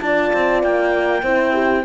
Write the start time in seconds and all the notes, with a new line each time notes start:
0.00 D4 F4 D5 A5
0.33 C4
0.63 A#3 G5
1.22 C4 E4 C5
1.53 G4